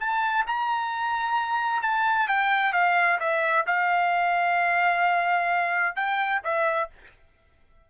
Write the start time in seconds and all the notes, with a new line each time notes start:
0.00 A5
0.47 A#5
1.83 A5
2.28 G5
2.73 F5
3.20 E5
3.67 F5
5.96 G5
6.44 E5